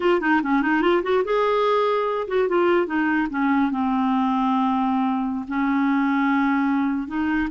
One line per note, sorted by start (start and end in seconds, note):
0.00 0.20 F4
0.20 0.41 D#4
0.43 0.62 C#4
0.62 0.81 D#4
0.81 1.02 F4
1.03 1.23 F#4
1.24 2.27 G#4
2.27 2.48 F#4
2.48 2.86 F4
2.86 3.27 D#4
3.30 3.71 C#4
3.71 5.45 C4
5.48 7.07 C#4
7.07 7.49 D#4